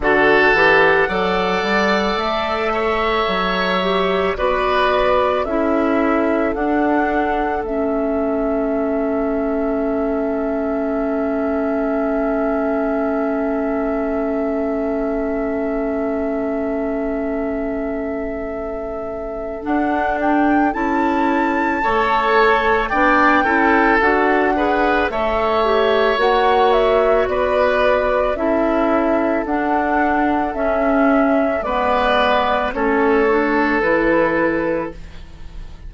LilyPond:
<<
  \new Staff \with { instrumentName = "flute" } { \time 4/4 \tempo 4 = 55 fis''2 e''2 | d''4 e''4 fis''4 e''4~ | e''1~ | e''1~ |
e''2 fis''8 g''8 a''4~ | a''4 g''4 fis''4 e''4 | fis''8 e''8 d''4 e''4 fis''4 | e''4 d''4 cis''4 b'4 | }
  \new Staff \with { instrumentName = "oboe" } { \time 4/4 a'4 d''4. cis''4. | b'4 a'2.~ | a'1~ | a'1~ |
a'1 | cis''4 d''8 a'4 b'8 cis''4~ | cis''4 b'4 a'2~ | a'4 b'4 a'2 | }
  \new Staff \with { instrumentName = "clarinet" } { \time 4/4 fis'8 g'8 a'2~ a'8 g'8 | fis'4 e'4 d'4 cis'4~ | cis'1~ | cis'1~ |
cis'2 d'4 e'4 | a'4 d'8 e'8 fis'8 gis'8 a'8 g'8 | fis'2 e'4 d'4 | cis'4 b4 cis'8 d'8 e'4 | }
  \new Staff \with { instrumentName = "bassoon" } { \time 4/4 d8 e8 fis8 g8 a4 fis4 | b4 cis'4 d'4 a4~ | a1~ | a1~ |
a2 d'4 cis'4 | a4 b8 cis'8 d'4 a4 | ais4 b4 cis'4 d'4 | cis'4 gis4 a4 e4 | }
>>